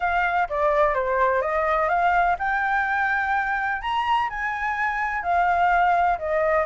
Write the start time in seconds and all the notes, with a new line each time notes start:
0.00 F5
0.49 D5
0.94 C5
1.41 D#5
1.88 F5
2.39 G5
3.81 A#5
4.29 G#5
5.23 F5
6.18 D#5